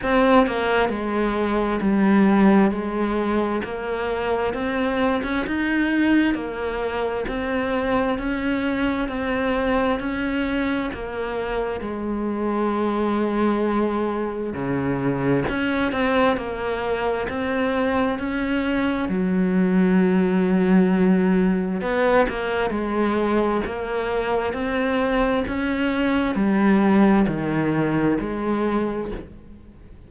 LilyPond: \new Staff \with { instrumentName = "cello" } { \time 4/4 \tempo 4 = 66 c'8 ais8 gis4 g4 gis4 | ais4 c'8. cis'16 dis'4 ais4 | c'4 cis'4 c'4 cis'4 | ais4 gis2. |
cis4 cis'8 c'8 ais4 c'4 | cis'4 fis2. | b8 ais8 gis4 ais4 c'4 | cis'4 g4 dis4 gis4 | }